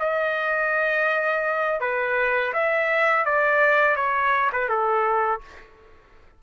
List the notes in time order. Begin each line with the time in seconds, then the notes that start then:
0.00 D#5
1.81 B4
2.54 E5
3.26 D5
3.97 C#5
4.53 B4
4.69 A4